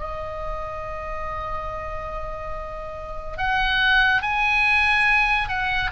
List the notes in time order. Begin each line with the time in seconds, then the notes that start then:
0.00 D#5
3.38 F#5
4.23 G#5
5.49 F#5